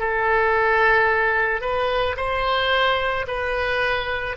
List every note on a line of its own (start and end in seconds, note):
0.00 1.62 A4
1.62 2.16 B4
2.17 3.26 C5
3.28 4.37 B4